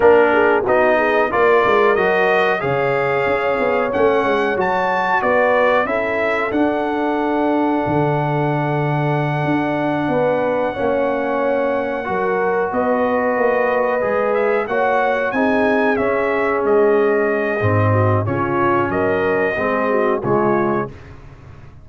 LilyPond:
<<
  \new Staff \with { instrumentName = "trumpet" } { \time 4/4 \tempo 4 = 92 ais'4 dis''4 d''4 dis''4 | f''2 fis''4 a''4 | d''4 e''4 fis''2~ | fis''1~ |
fis''2.~ fis''8 dis''8~ | dis''2 e''8 fis''4 gis''8~ | gis''8 e''4 dis''2~ dis''8 | cis''4 dis''2 cis''4 | }
  \new Staff \with { instrumentName = "horn" } { \time 4/4 ais'8 gis'8 fis'8 gis'8 ais'2 | cis''1 | b'4 a'2.~ | a'2.~ a'8 b'8~ |
b'8 cis''2 ais'4 b'8~ | b'2~ b'8 cis''4 gis'8~ | gis'2.~ gis'8 fis'8 | f'4 ais'4 gis'8 fis'8 f'4 | }
  \new Staff \with { instrumentName = "trombone" } { \time 4/4 d'4 dis'4 f'4 fis'4 | gis'2 cis'4 fis'4~ | fis'4 e'4 d'2~ | d'1~ |
d'8 cis'2 fis'4.~ | fis'4. gis'4 fis'4 dis'8~ | dis'8 cis'2~ cis'8 c'4 | cis'2 c'4 gis4 | }
  \new Staff \with { instrumentName = "tuba" } { \time 4/4 ais4 b4 ais8 gis8 fis4 | cis4 cis'8 b8 a8 gis8 fis4 | b4 cis'4 d'2 | d2~ d8 d'4 b8~ |
b8 ais2 fis4 b8~ | b8 ais4 gis4 ais4 c'8~ | c'8 cis'4 gis4. gis,4 | cis4 fis4 gis4 cis4 | }
>>